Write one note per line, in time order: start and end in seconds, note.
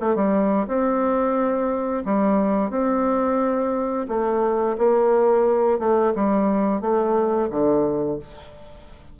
0.00 0.15 A3
0.15 0.66 G3
0.67 2.03 C4
2.05 2.70 G3
2.70 4.06 C4
4.08 4.76 A3
4.78 5.79 A#3
5.79 6.13 A3
6.15 6.81 G3
6.81 7.49 A3
7.50 8.18 D3